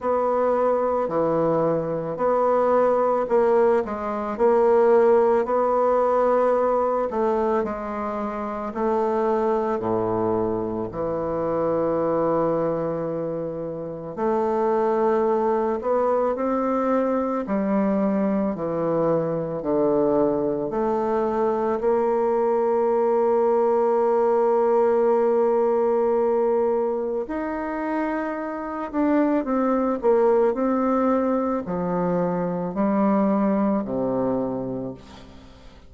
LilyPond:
\new Staff \with { instrumentName = "bassoon" } { \time 4/4 \tempo 4 = 55 b4 e4 b4 ais8 gis8 | ais4 b4. a8 gis4 | a4 a,4 e2~ | e4 a4. b8 c'4 |
g4 e4 d4 a4 | ais1~ | ais4 dis'4. d'8 c'8 ais8 | c'4 f4 g4 c4 | }